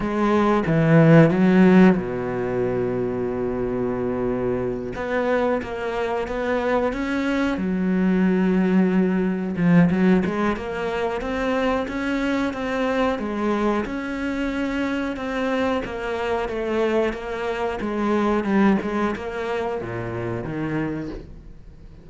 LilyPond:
\new Staff \with { instrumentName = "cello" } { \time 4/4 \tempo 4 = 91 gis4 e4 fis4 b,4~ | b,2.~ b,8 b8~ | b8 ais4 b4 cis'4 fis8~ | fis2~ fis8 f8 fis8 gis8 |
ais4 c'4 cis'4 c'4 | gis4 cis'2 c'4 | ais4 a4 ais4 gis4 | g8 gis8 ais4 ais,4 dis4 | }